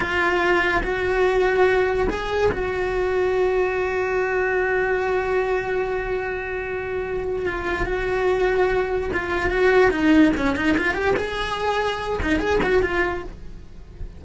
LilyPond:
\new Staff \with { instrumentName = "cello" } { \time 4/4 \tempo 4 = 145 f'2 fis'2~ | fis'4 gis'4 fis'2~ | fis'1~ | fis'1~ |
fis'2 f'4 fis'4~ | fis'2 f'4 fis'4 | dis'4 cis'8 dis'8 f'8 g'8 gis'4~ | gis'4. dis'8 gis'8 fis'8 f'4 | }